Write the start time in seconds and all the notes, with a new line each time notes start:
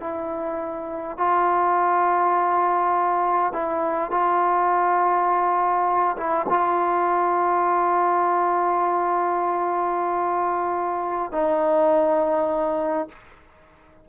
0.00 E4
1.18 F4
3.53 E4
4.11 F4
6.17 E4
6.49 F4
11.32 D#4